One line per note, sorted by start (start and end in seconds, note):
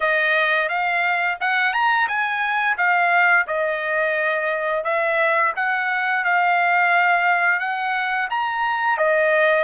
0.00 0.68 D#5
0.68 1.37 F5
1.40 1.73 F#5
1.73 2.07 A#5
2.08 2.76 G#5
2.77 3.46 F5
3.47 4.83 D#5
4.83 5.52 E5
5.55 6.24 F#5
6.24 7.59 F5
7.59 8.28 F#5
8.29 8.97 A#5
8.97 9.64 D#5